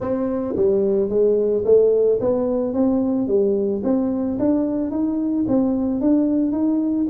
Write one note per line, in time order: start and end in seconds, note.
0.00 0.55 C4
0.56 1.09 G3
1.09 1.64 G#3
1.64 2.19 A3
2.20 2.73 B3
2.73 3.27 C4
3.27 3.82 G3
3.83 4.38 C4
4.39 4.90 D4
4.90 5.45 D#4
5.48 6.00 C4
6.00 6.52 D4
6.52 7.06 D#4